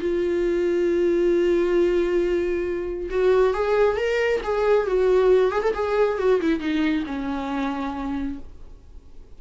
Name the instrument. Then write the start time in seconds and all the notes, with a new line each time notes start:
viola
0.00 F4
3.10 F#4
3.53 G#4
3.96 A#4
4.43 G#4
4.87 F#4
5.51 G#4
5.62 A4
5.74 G#4
6.18 F#4
6.41 E4
6.59 D#4
7.06 C#4